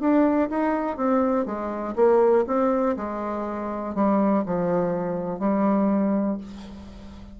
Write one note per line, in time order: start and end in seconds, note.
0.00 0.49 D4
0.50 0.97 D#4
0.97 1.45 C4
1.45 1.94 G#3
1.95 2.45 A#3
2.47 2.96 C4
2.96 3.94 G#3
3.94 4.44 G3
4.45 5.39 F3
5.39 6.37 G3